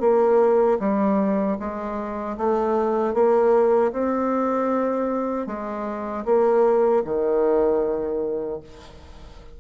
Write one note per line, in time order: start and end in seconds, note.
0.00 0.78 A#3
0.79 1.57 G3
1.59 2.37 G#3
2.37 3.14 A3
3.14 3.92 A#3
3.92 5.47 C4
5.47 6.24 G#3
6.25 7.03 A#3
7.04 8.60 D#3